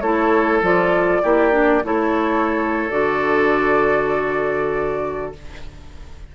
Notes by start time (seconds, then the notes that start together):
0.00 A3 E4 A4 C#5
0.61 F3 F4 D5
1.22 A#3 E4 G4
1.51 D4
1.84 A3 E4 A4 C#5
2.90 D3 F#4 D5